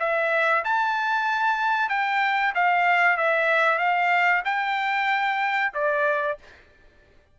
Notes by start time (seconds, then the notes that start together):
0.00 E5
0.65 A5
1.90 G5
2.55 F5
3.18 E5
3.79 F5
4.45 G5
5.75 D5